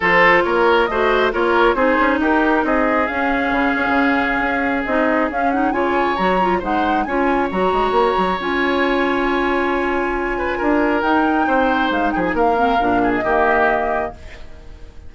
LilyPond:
<<
  \new Staff \with { instrumentName = "flute" } { \time 4/4 \tempo 4 = 136 c''4 cis''4 dis''4 cis''4 | c''4 ais'4 dis''4 f''4~ | f''2. dis''4 | f''8 fis''8 gis''4 ais''4 fis''4 |
gis''4 ais''2 gis''4~ | gis''1~ | gis''4 g''2 f''8 g''16 gis''16 | f''4.~ f''16 dis''2~ dis''16 | }
  \new Staff \with { instrumentName = "oboe" } { \time 4/4 a'4 ais'4 c''4 ais'4 | gis'4 g'4 gis'2~ | gis'1~ | gis'4 cis''2 c''4 |
cis''1~ | cis''2.~ cis''8 b'8 | ais'2 c''4. gis'8 | ais'4. gis'8 g'2 | }
  \new Staff \with { instrumentName = "clarinet" } { \time 4/4 f'2 fis'4 f'4 | dis'2. cis'4~ | cis'2. dis'4 | cis'8 dis'8 f'4 fis'8 f'8 dis'4 |
f'4 fis'2 f'4~ | f'1~ | f'4 dis'2.~ | dis'8 c'8 d'4 ais2 | }
  \new Staff \with { instrumentName = "bassoon" } { \time 4/4 f4 ais4 a4 ais4 | c'8 cis'8 dis'4 c'4 cis'4 | cis8 cis'16 cis4~ cis16 cis'4 c'4 | cis'4 cis4 fis4 gis4 |
cis'4 fis8 gis8 ais8 fis8 cis'4~ | cis'1 | d'4 dis'4 c'4 gis8 f8 | ais4 ais,4 dis2 | }
>>